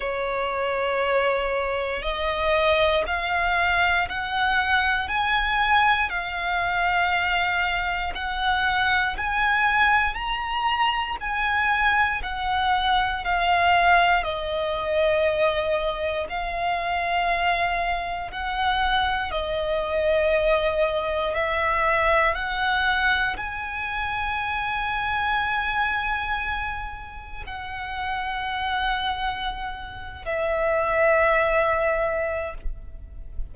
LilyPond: \new Staff \with { instrumentName = "violin" } { \time 4/4 \tempo 4 = 59 cis''2 dis''4 f''4 | fis''4 gis''4 f''2 | fis''4 gis''4 ais''4 gis''4 | fis''4 f''4 dis''2 |
f''2 fis''4 dis''4~ | dis''4 e''4 fis''4 gis''4~ | gis''2. fis''4~ | fis''4.~ fis''16 e''2~ e''16 | }